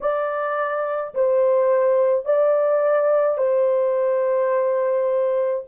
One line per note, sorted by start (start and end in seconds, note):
0.01 1.14 D5
1.14 2.25 C5
2.25 3.37 D5
3.37 5.63 C5